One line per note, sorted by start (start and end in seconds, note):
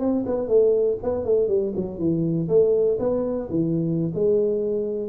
0.00 0.25 C4
0.26 0.48 B3
0.48 0.98 A3
1.03 1.25 B3
1.25 1.48 A3
1.48 1.73 G3
1.76 1.99 F#3
1.99 2.49 E3
2.49 2.98 A3
3.00 3.49 B3
3.50 4.12 E3
4.14 5.09 G#3